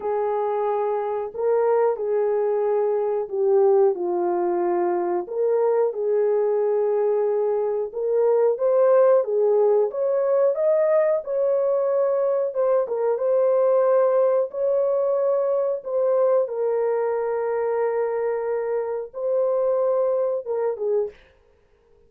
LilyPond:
\new Staff \with { instrumentName = "horn" } { \time 4/4 \tempo 4 = 91 gis'2 ais'4 gis'4~ | gis'4 g'4 f'2 | ais'4 gis'2. | ais'4 c''4 gis'4 cis''4 |
dis''4 cis''2 c''8 ais'8 | c''2 cis''2 | c''4 ais'2.~ | ais'4 c''2 ais'8 gis'8 | }